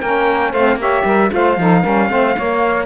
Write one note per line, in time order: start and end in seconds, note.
0.00 0.53 A#3
0.00 0.54 C#4
0.00 0.50 A#4
0.00 0.53 G5
0.50 0.75 A3
0.50 0.76 C5
0.50 0.79 F5
0.57 0.79 C4
0.75 1.02 A#3
0.75 1.29 G4
0.75 1.04 C#5
0.75 1.33 E5
1.04 1.30 G3
1.04 1.31 A#4
1.29 1.57 A3
1.29 1.55 F4
1.29 1.60 C5
1.29 2.86 F5
1.57 1.83 F3
1.57 1.83 D#4
1.57 1.81 A4
1.81 2.09 G3
1.81 2.10 C#4
1.81 2.07 A#4
2.09 2.35 A3
2.09 2.36 C4
2.09 2.36 C5
2.36 2.86 A#3
2.36 2.86 C#5